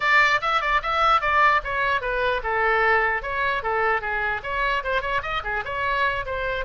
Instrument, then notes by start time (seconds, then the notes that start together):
oboe
0.00 D5
0.41 E5
0.61 D5
0.82 E5
1.21 D5
1.64 C#5
2.01 B4
2.43 A4
3.22 C#5
3.62 A4
4.01 G#4
4.43 C#5
4.83 C5
5.01 C#5
5.22 D#5
5.44 G#4
5.64 C#5
6.25 C5